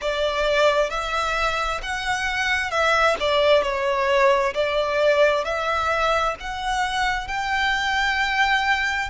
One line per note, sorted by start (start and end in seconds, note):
0.01 0.90 D5
0.90 1.81 E5
1.82 2.70 F#5
2.70 3.16 E5
3.19 3.62 D5
3.62 4.53 C#5
4.54 5.44 D5
5.44 6.35 E5
6.40 7.27 F#5
7.27 9.09 G5